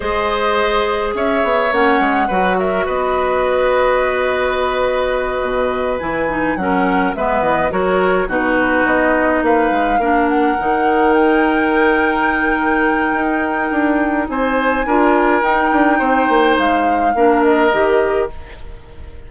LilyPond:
<<
  \new Staff \with { instrumentName = "flute" } { \time 4/4 \tempo 4 = 105 dis''2 e''4 fis''4~ | fis''8 e''8 dis''2.~ | dis''2~ dis''8 gis''4 fis''8~ | fis''8 e''8 dis''8 cis''4 b'4 dis''8~ |
dis''8 f''4. fis''4. g''8~ | g''1~ | g''4 gis''2 g''4~ | g''4 f''4. dis''4. | }
  \new Staff \with { instrumentName = "oboe" } { \time 4/4 c''2 cis''2 | b'8 ais'8 b'2.~ | b'2.~ b'8 ais'8~ | ais'8 b'4 ais'4 fis'4.~ |
fis'8 b'4 ais'2~ ais'8~ | ais'1~ | ais'4 c''4 ais'2 | c''2 ais'2 | }
  \new Staff \with { instrumentName = "clarinet" } { \time 4/4 gis'2. cis'4 | fis'1~ | fis'2~ fis'8 e'8 dis'8 cis'8~ | cis'8 b4 fis'4 dis'4.~ |
dis'4. d'4 dis'4.~ | dis'1~ | dis'2 f'4 dis'4~ | dis'2 d'4 g'4 | }
  \new Staff \with { instrumentName = "bassoon" } { \time 4/4 gis2 cis'8 b8 ais8 gis8 | fis4 b2.~ | b4. b,4 e4 fis8~ | fis8 gis8 e8 fis4 b,4 b8~ |
b8 ais8 gis8 ais4 dis4.~ | dis2. dis'4 | d'4 c'4 d'4 dis'8 d'8 | c'8 ais8 gis4 ais4 dis4 | }
>>